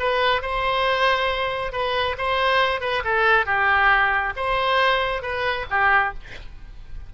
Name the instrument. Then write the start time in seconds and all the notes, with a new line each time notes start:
oboe
0.00 B4
0.42 C5
1.73 B4
2.18 C5
2.81 B4
3.05 A4
3.46 G4
4.37 C5
5.23 B4
5.71 G4